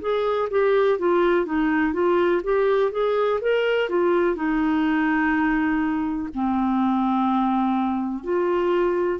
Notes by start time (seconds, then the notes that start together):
0.00 G#4
0.50 G4
0.99 F4
1.46 D#4
1.93 F4
2.43 G4
2.91 G#4
3.41 A#4
3.89 F4
4.35 D#4
6.34 C4
8.23 F4